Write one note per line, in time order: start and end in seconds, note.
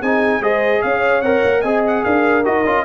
0.00 0.40 C4
0.00 0.42 D#4
0.00 0.41 G#4
0.00 0.42 G#5
0.40 0.80 G#3
0.40 1.23 G#4
0.40 0.82 C5
0.40 0.82 D#5
0.82 1.21 C#4
0.82 1.60 C#5
0.82 1.21 F5
1.21 1.42 C4
1.21 1.64 A#4
1.21 1.61 F#5
1.44 1.63 A#3
1.60 2.04 C4
1.60 2.44 G#4
1.60 2.01 D#5
1.60 1.81 G#5
1.86 2.03 F#5
2.03 2.46 D4
2.03 2.84 A#4
2.03 2.44 F5
2.44 2.65 D#4
2.44 2.64 F#4
2.44 2.84 D#5
2.65 2.84 C#4
2.65 2.84 F4